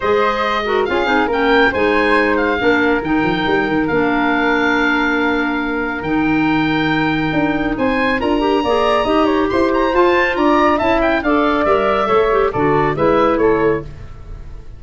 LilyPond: <<
  \new Staff \with { instrumentName = "oboe" } { \time 4/4 \tempo 4 = 139 dis''2 f''4 g''4 | gis''4. f''4. g''4~ | g''4 f''2.~ | f''2 g''2~ |
g''2 gis''4 ais''4~ | ais''2 c'''8 ais''8 a''4 | ais''4 a''8 g''8 f''4 e''4~ | e''4 d''4 e''4 cis''4 | }
  \new Staff \with { instrumentName = "flute" } { \time 4/4 c''4. ais'8 gis'4 ais'4 | c''2 ais'2~ | ais'1~ | ais'1~ |
ais'2 c''4 ais'4 | d''4 dis''8 cis''8 c''2 | d''4 e''4 d''2 | cis''4 a'4 b'4 a'4 | }
  \new Staff \with { instrumentName = "clarinet" } { \time 4/4 gis'4. fis'8 f'8 dis'8 cis'4 | dis'2 d'4 dis'4~ | dis'4 d'2.~ | d'2 dis'2~ |
dis'2. f'8 g'8 | gis'4 g'2 f'4~ | f'4 e'4 a'4 ais'4 | a'8 g'8 fis'4 e'2 | }
  \new Staff \with { instrumentName = "tuba" } { \time 4/4 gis2 cis'8 c'8 ais4 | gis2 ais4 dis8 f8 | g8 dis8 ais2.~ | ais2 dis2~ |
dis4 d'4 c'4 d'4 | ais4 dis'4 e'4 f'4 | d'4 cis'4 d'4 g4 | a4 d4 gis4 a4 | }
>>